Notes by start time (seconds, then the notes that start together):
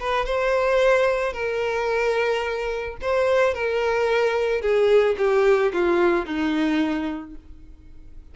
0.00 B4
0.26 C5
1.33 A#4
3.02 C5
3.54 A#4
4.62 G#4
5.18 G4
5.73 F4
6.26 D#4